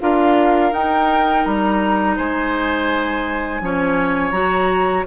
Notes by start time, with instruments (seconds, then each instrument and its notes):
0.00 bassoon D4, clarinet F4, oboe A#4, flute F5
0.72 bassoon D#4, clarinet D#4, flute G5
1.45 bassoon G3, flute A#5
2.16 bassoon G#3, oboe C5, flute G#5
3.60 bassoon F3, clarinet C#4, oboe C#5
4.31 bassoon F#3, clarinet F#4, flute A#5